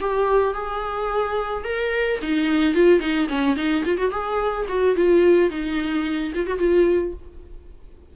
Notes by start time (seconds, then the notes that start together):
0.00 G4
0.54 G#4
1.64 A#4
2.22 D#4
2.74 F4
3.00 D#4
3.29 C#4
3.56 D#4
3.85 F4
3.98 F#4
4.11 G#4
4.69 F#4
4.96 F4
5.50 D#4
6.35 F4
6.46 F#4
6.58 F4